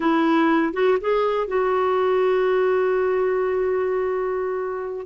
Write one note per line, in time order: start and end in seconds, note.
0.00 0.73 E4
0.73 0.97 F#4
1.01 1.47 G#4
1.47 5.06 F#4